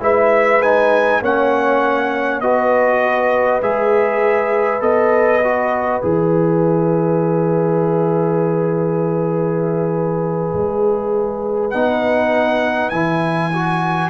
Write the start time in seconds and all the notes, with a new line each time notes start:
0.00 G#3 E4 B4 E5
0.62 D#4 G#5
1.21 A#3 C#4 C#5 F#5
2.41 B3 F#4 B4 D#5
3.62 G#3 G#4 E5
4.80 B3 A4 D#5
5.44 F#4
6.01 E3 G#4 E5
10.53 G#3
11.70 B3 D#4 F#5
12.89 E3 E4 G#5
13.53 F#4